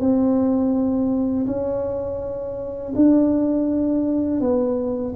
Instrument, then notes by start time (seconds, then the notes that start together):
tuba
0.00 C4
1.46 C#4
2.96 D4
4.41 B3